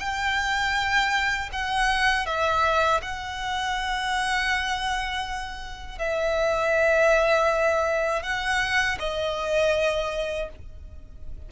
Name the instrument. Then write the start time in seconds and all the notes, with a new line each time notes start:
violin
0.00 G5
1.53 F#5
2.26 E5
3.02 F#5
5.99 E5
8.23 F#5
9.00 D#5